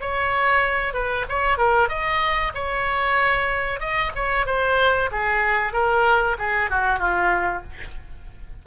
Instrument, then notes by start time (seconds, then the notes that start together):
oboe
0.00 C#5
0.93 B4
1.28 C#5
1.57 A#4
1.88 D#5
2.54 C#5
3.79 D#5
4.15 C#5
4.46 C5
5.11 G#4
5.72 A#4
6.38 G#4
6.70 F#4
6.99 F4